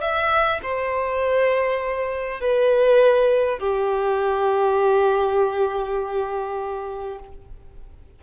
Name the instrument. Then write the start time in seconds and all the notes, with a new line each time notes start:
violin
0.00 E5
0.62 C5
2.40 B4
3.58 G4